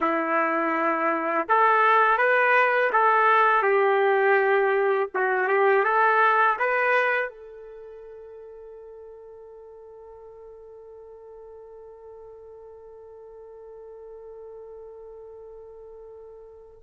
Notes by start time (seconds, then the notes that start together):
0.00 E4
1.48 A4
2.18 B4
2.92 A4
3.62 G4
5.14 F#4
5.48 G4
5.84 A4
6.59 B4
7.29 A4